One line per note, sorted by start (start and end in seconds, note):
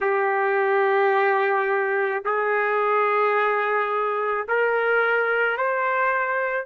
0.00 2.22 G4
2.24 4.46 G#4
4.47 5.57 A#4
5.57 6.66 C5